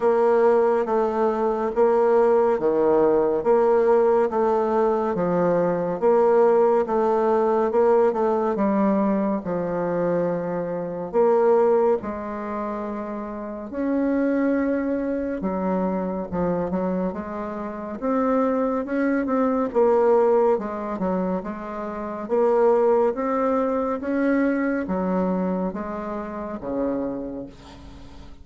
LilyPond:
\new Staff \with { instrumentName = "bassoon" } { \time 4/4 \tempo 4 = 70 ais4 a4 ais4 dis4 | ais4 a4 f4 ais4 | a4 ais8 a8 g4 f4~ | f4 ais4 gis2 |
cis'2 fis4 f8 fis8 | gis4 c'4 cis'8 c'8 ais4 | gis8 fis8 gis4 ais4 c'4 | cis'4 fis4 gis4 cis4 | }